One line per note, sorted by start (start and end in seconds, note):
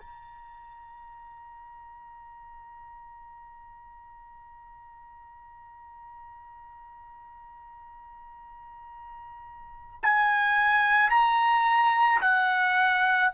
0.00 10.00 A#5
10.03 11.10 G#5
11.10 12.21 A#5
12.21 13.32 F#5